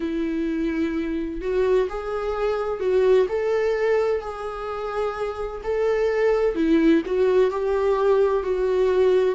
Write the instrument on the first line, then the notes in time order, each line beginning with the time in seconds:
viola
0.00 E4
1.41 F#4
1.89 G#4
2.80 F#4
3.29 A4
4.21 G#4
5.63 A4
6.55 E4
7.06 F#4
7.50 G4
8.43 F#4